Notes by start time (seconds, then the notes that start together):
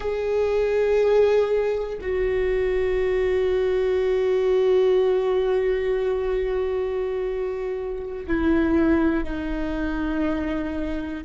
0.00 G#4
2.01 F#4
8.27 E4
9.24 D#4